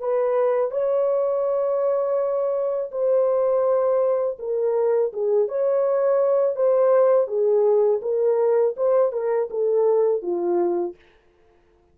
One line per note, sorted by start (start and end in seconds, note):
0.00 0.71 B4
0.71 2.91 C#5
2.92 4.38 C5
4.39 5.13 A#4
5.13 5.48 G#4
5.48 6.56 C#5
6.56 7.28 C5
7.28 8.01 G#4
8.02 8.75 A#4
8.77 9.13 C5
9.13 9.49 A#4
9.51 10.22 A4
10.22 10.96 F4